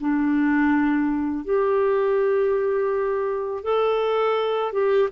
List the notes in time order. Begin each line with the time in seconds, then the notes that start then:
0.00 D4
1.45 G4
3.64 A4
4.73 G4